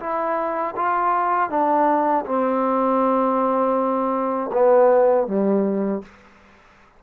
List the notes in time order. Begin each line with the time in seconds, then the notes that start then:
0.00 E4
0.76 F4
1.50 D4
2.26 C4
4.53 B3
5.27 G3